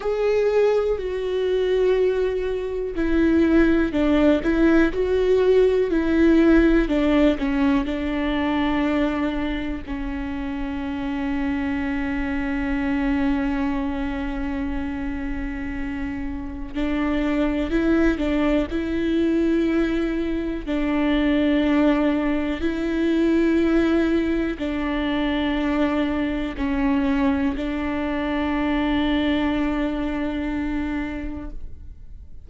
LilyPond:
\new Staff \with { instrumentName = "viola" } { \time 4/4 \tempo 4 = 61 gis'4 fis'2 e'4 | d'8 e'8 fis'4 e'4 d'8 cis'8 | d'2 cis'2~ | cis'1~ |
cis'4 d'4 e'8 d'8 e'4~ | e'4 d'2 e'4~ | e'4 d'2 cis'4 | d'1 | }